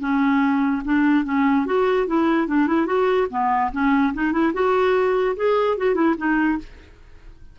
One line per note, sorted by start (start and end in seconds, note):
0.00 0.82 C#4
0.85 1.25 D4
1.25 1.66 C#4
1.66 2.07 F#4
2.07 2.47 E4
2.47 2.67 D4
2.67 2.86 E4
2.86 3.27 F#4
3.30 3.71 B3
3.72 4.13 C#4
4.14 4.32 D#4
4.32 4.53 E4
4.54 5.36 F#4
5.36 5.77 G#4
5.77 5.95 F#4
5.95 6.15 E4
6.17 6.58 D#4